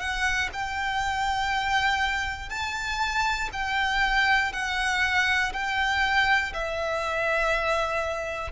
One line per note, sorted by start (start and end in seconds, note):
0.00 0.50 F#5
0.54 2.50 G5
2.50 3.50 A5
3.53 4.53 G5
4.53 5.53 F#5
5.53 6.53 G5
6.54 8.52 E5